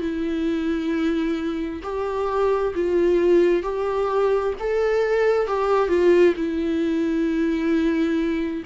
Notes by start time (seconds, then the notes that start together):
0.00 E4
1.83 G4
2.74 F4
3.63 G4
4.60 A4
5.47 G4
5.88 F4
6.36 E4